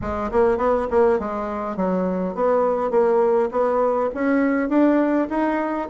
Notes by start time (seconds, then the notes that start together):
0.01 G#3
0.31 A#3
0.57 B3
0.90 A#3
1.19 G#3
1.76 F#3
2.34 B3
2.91 A#3
3.51 B3
4.14 C#4
4.69 D4
5.29 D#4